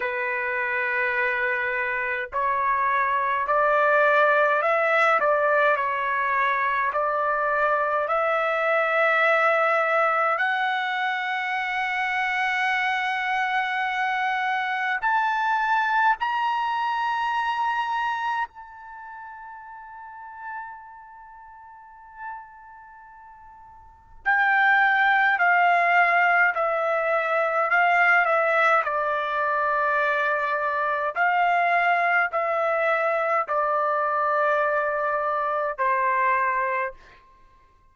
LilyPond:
\new Staff \with { instrumentName = "trumpet" } { \time 4/4 \tempo 4 = 52 b'2 cis''4 d''4 | e''8 d''8 cis''4 d''4 e''4~ | e''4 fis''2.~ | fis''4 a''4 ais''2 |
a''1~ | a''4 g''4 f''4 e''4 | f''8 e''8 d''2 f''4 | e''4 d''2 c''4 | }